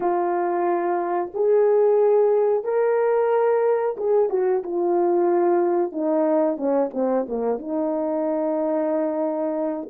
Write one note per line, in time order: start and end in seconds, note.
0.00 1.31 F4
1.34 2.64 G#4
2.64 3.96 A#4
3.97 4.29 G#4
4.29 4.62 F#4
4.63 5.92 F4
5.92 6.57 D#4
6.57 6.90 C#4
6.93 7.26 C4
7.28 7.58 A#3
7.58 9.89 D#4